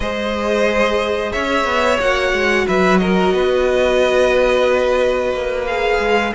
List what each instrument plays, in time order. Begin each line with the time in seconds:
0.00 cello G#3, viola G#4, violin C5 D#5
1.32 cello C#4, violin C#5 E5
1.64 cello B3
1.99 cello A#3, viola F#4, violin F#5
2.33 cello G#3
2.67 cello F#3, violin B4 E5
2.98 violin A#4 D#5
3.33 cello B3, violin B4
5.32 cello A#3
5.66 viola G#4, violin F5
5.99 cello G#3